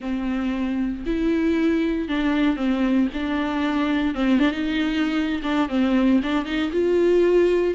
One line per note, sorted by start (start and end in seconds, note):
0.00 1.04 C4
1.06 2.08 E4
2.08 2.56 D4
2.56 3.08 C4
3.13 4.14 D4
4.14 4.39 C4
4.39 4.51 D4
4.51 5.41 D#4
5.42 5.68 D4
5.68 6.20 C4
6.22 6.45 D4
6.45 6.71 D#4
6.72 7.74 F4